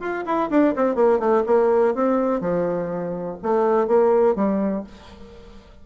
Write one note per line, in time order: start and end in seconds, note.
0.00 0.24 F4
0.26 0.50 E4
0.50 0.75 D4
0.76 0.95 C4
0.95 1.19 A#3
1.19 1.44 A3
1.46 1.95 A#3
1.95 2.41 C4
2.41 3.37 F3
3.42 3.87 A3
3.87 4.36 A#3
4.36 4.84 G3